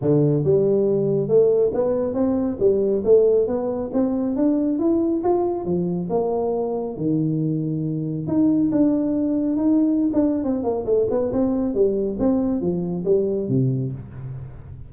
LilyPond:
\new Staff \with { instrumentName = "tuba" } { \time 4/4 \tempo 4 = 138 d4 g2 a4 | b4 c'4 g4 a4 | b4 c'4 d'4 e'4 | f'4 f4 ais2 |
dis2. dis'4 | d'2 dis'4~ dis'16 d'8. | c'8 ais8 a8 b8 c'4 g4 | c'4 f4 g4 c4 | }